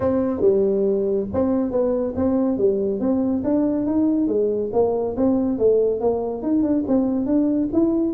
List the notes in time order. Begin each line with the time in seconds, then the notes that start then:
0.00 C4
0.40 G3
1.33 C4
1.71 B3
2.16 C4
2.57 G3
2.99 C4
3.43 D4
3.86 D#4
4.27 G#3
4.73 A#3
5.16 C4
5.58 A3
6.00 A#3
6.42 D#4
6.62 D4
6.87 C4
7.25 D4
7.73 E4